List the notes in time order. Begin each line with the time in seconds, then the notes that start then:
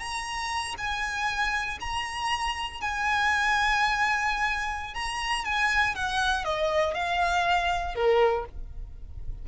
0.00 A#5
0.78 G#5
1.81 A#5
2.81 G#5
4.95 A#5
5.45 G#5
5.95 F#5
6.45 D#5
6.94 F5
7.95 A#4